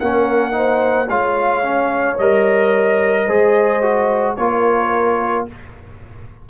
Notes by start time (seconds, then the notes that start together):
0.00 A#3 C#4 A#4 F#5
0.52 D#4 C5
1.09 G#3 F4 C#5 F5
1.63 C#4
2.18 G3 A#4 D#5
3.26 G#3 G#4 C5
3.82 F#4
4.37 A#3 F4 A#4 C#5